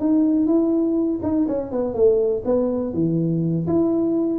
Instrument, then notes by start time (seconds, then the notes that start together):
tuba
0.00 D#4
0.47 E4
1.23 D#4
1.48 C#4
1.71 B3
1.94 A3
2.45 B3
2.94 E3
3.67 E4